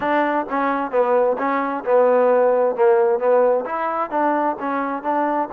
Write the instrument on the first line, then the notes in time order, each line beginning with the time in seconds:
trombone
0.00 D4
0.49 C#4
0.91 B3
1.38 C#4
1.84 B3
2.75 A#3
3.19 B3
3.65 E4
4.10 D4
4.59 C#4
5.03 D4